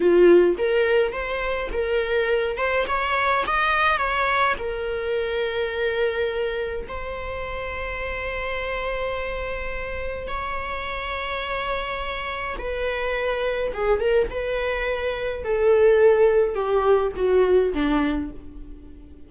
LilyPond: \new Staff \with { instrumentName = "viola" } { \time 4/4 \tempo 4 = 105 f'4 ais'4 c''4 ais'4~ | ais'8 c''8 cis''4 dis''4 cis''4 | ais'1 | c''1~ |
c''2 cis''2~ | cis''2 b'2 | gis'8 ais'8 b'2 a'4~ | a'4 g'4 fis'4 d'4 | }